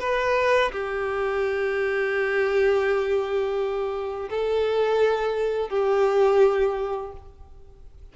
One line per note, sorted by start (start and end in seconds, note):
0.00 0.71 B4
0.72 4.29 G4
4.30 5.69 A4
5.69 7.12 G4